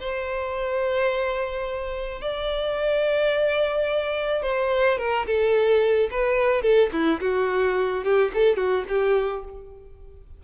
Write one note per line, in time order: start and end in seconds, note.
0.00 2.21 C5
2.21 4.43 D5
4.43 4.98 C5
4.98 5.26 A#4
5.27 6.10 A4
6.11 6.62 B4
6.62 6.90 A4
6.93 7.20 E4
7.21 8.04 F#4
8.04 8.32 G4
8.34 8.57 A4
8.57 8.85 F#4
8.89 9.44 G4